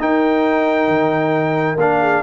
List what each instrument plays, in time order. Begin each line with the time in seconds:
0.00 trombone D#4, tuba D#4, horn A#4, trumpet G5
0.88 tuba D#3
1.77 tuba A#3, trombone D4, trumpet F5
2.01 horn G#4